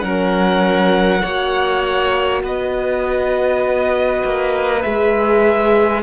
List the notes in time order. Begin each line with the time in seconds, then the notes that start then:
0.00 F#3 C#4 A#4 F#5
1.21 A#3 F#4 C#5
2.43 B3 B4 D#5
4.24 A#3
4.82 G#3 G#4 E5